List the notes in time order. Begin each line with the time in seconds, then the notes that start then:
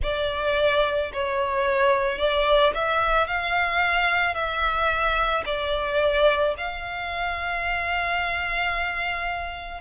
0.02 D5
1.13 C#5
2.18 D5
2.74 E5
3.27 F5
4.34 E5
5.45 D5
6.57 F5